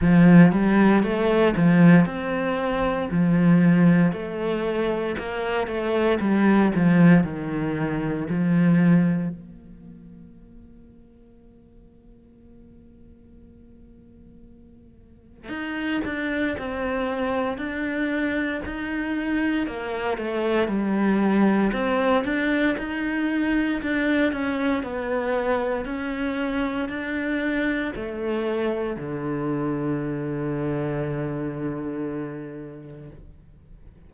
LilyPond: \new Staff \with { instrumentName = "cello" } { \time 4/4 \tempo 4 = 58 f8 g8 a8 f8 c'4 f4 | a4 ais8 a8 g8 f8 dis4 | f4 ais2.~ | ais2. dis'8 d'8 |
c'4 d'4 dis'4 ais8 a8 | g4 c'8 d'8 dis'4 d'8 cis'8 | b4 cis'4 d'4 a4 | d1 | }